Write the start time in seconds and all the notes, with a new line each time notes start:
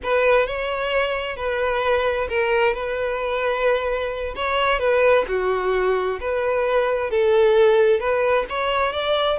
0.03 B4
0.46 C#5
1.36 B4
2.28 A#4
2.74 B4
4.35 C#5
4.79 B4
5.28 F#4
6.20 B4
7.10 A4
7.99 B4
8.49 C#5
8.93 D5